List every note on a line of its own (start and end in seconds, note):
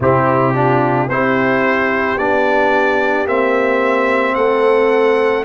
0.00 1.07 C3
0.00 0.54 C4
0.00 0.55 E4
0.00 1.09 G4
0.54 1.08 D4
0.54 1.09 F4
1.07 2.16 C4
1.07 2.17 E4
1.07 4.36 G4
1.07 2.17 C5
2.17 3.25 B3
2.17 3.26 D4
2.17 3.27 D5
3.25 4.34 A#3
3.25 5.44 C4
3.25 4.34 E5
4.34 5.44 A3
4.34 5.44 A4
4.34 5.43 F#5